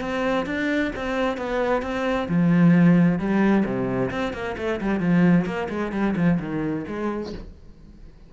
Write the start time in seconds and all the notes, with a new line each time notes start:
0.00 C4
0.46 D4
0.95 C4
1.37 B3
1.82 C4
2.28 F3
3.18 G3
3.65 C3
4.10 C4
4.33 A#3
4.57 A3
4.80 G3
5.00 F3
5.45 A#3
5.69 G#3
5.92 G3
6.16 F3
6.39 D#3
6.87 G#3